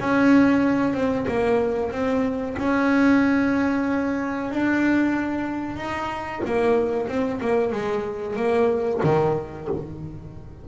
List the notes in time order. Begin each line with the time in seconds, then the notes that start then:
0.00 C#4
0.94 C4
1.28 A#3
1.92 C4
2.58 C#4
4.52 D4
5.77 D#4
6.46 A#3
7.08 C4
7.41 A#3
7.72 G#3
8.37 A#3
9.04 D#3